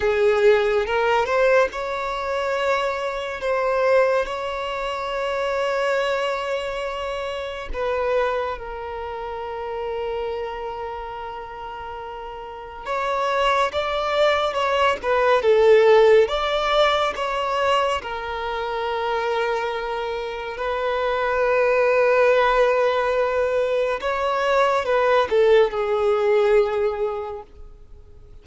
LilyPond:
\new Staff \with { instrumentName = "violin" } { \time 4/4 \tempo 4 = 70 gis'4 ais'8 c''8 cis''2 | c''4 cis''2.~ | cis''4 b'4 ais'2~ | ais'2. cis''4 |
d''4 cis''8 b'8 a'4 d''4 | cis''4 ais'2. | b'1 | cis''4 b'8 a'8 gis'2 | }